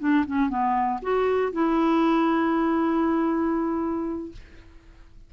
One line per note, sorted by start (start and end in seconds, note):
0.00 0.25 D4
0.27 0.49 C#4
0.49 1.00 B3
1.02 1.53 F#4
1.53 4.32 E4